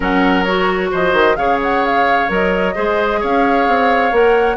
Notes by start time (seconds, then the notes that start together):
0.00 F#3 C#4 A#4 F#5
0.44 F#4 C#5
0.91 F3 C5 D#5
1.13 D#3
1.36 C#3 G#4 C#5 F5
1.62 F#5
1.85 F5
2.28 F#3 A#4 D#5
2.74 G#3 G#4 C5
3.20 C#4 C#5 F5
3.67 C4
4.11 A#3 A#4 F#5